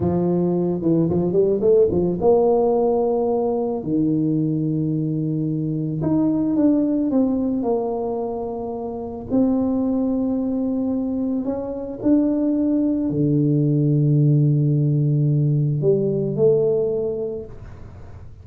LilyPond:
\new Staff \with { instrumentName = "tuba" } { \time 4/4 \tempo 4 = 110 f4. e8 f8 g8 a8 f8 | ais2. dis4~ | dis2. dis'4 | d'4 c'4 ais2~ |
ais4 c'2.~ | c'4 cis'4 d'2 | d1~ | d4 g4 a2 | }